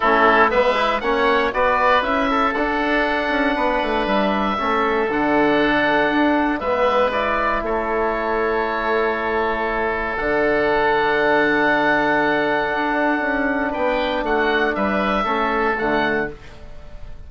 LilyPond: <<
  \new Staff \with { instrumentName = "oboe" } { \time 4/4 \tempo 4 = 118 a'4 e''4 fis''4 d''4 | e''4 fis''2. | e''2 fis''2~ | fis''4 e''4 d''4 cis''4~ |
cis''1 | fis''1~ | fis''2. g''4 | fis''4 e''2 fis''4 | }
  \new Staff \with { instrumentName = "oboe" } { \time 4/4 e'4 b'4 cis''4 b'4~ | b'8 a'2~ a'8 b'4~ | b'4 a'2.~ | a'4 b'2 a'4~ |
a'1~ | a'1~ | a'2. b'4 | fis'4 b'4 a'2 | }
  \new Staff \with { instrumentName = "trombone" } { \time 4/4 cis'4 b8 e'8 cis'4 fis'4 | e'4 d'2.~ | d'4 cis'4 d'2~ | d'4 b4 e'2~ |
e'1 | d'1~ | d'1~ | d'2 cis'4 a4 | }
  \new Staff \with { instrumentName = "bassoon" } { \time 4/4 a4 gis4 ais4 b4 | cis'4 d'4. cis'8 b8 a8 | g4 a4 d2 | d'4 gis2 a4~ |
a1 | d1~ | d4 d'4 cis'4 b4 | a4 g4 a4 d4 | }
>>